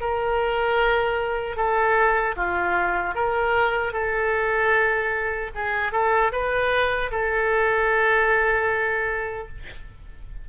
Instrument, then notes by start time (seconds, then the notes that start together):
oboe
0.00 A#4
1.56 A4
2.36 F4
3.14 A#4
3.93 A4
5.54 G#4
5.91 A4
6.32 B4
7.11 A4